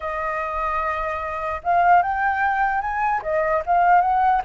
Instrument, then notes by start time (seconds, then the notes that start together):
flute
0.00 D#5
1.63 F5
2.02 G5
2.81 G#5
3.22 D#5
3.66 F5
4.01 F#5